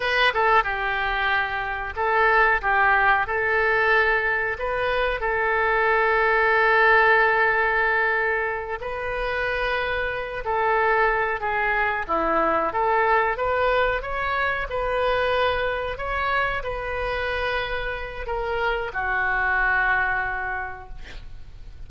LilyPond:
\new Staff \with { instrumentName = "oboe" } { \time 4/4 \tempo 4 = 92 b'8 a'8 g'2 a'4 | g'4 a'2 b'4 | a'1~ | a'4. b'2~ b'8 |
a'4. gis'4 e'4 a'8~ | a'8 b'4 cis''4 b'4.~ | b'8 cis''4 b'2~ b'8 | ais'4 fis'2. | }